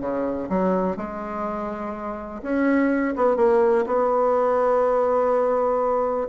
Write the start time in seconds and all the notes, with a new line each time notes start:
0.00 C#3
0.49 F#3
0.97 G#3
2.42 C#4
3.16 B3
3.36 A#3
3.86 B3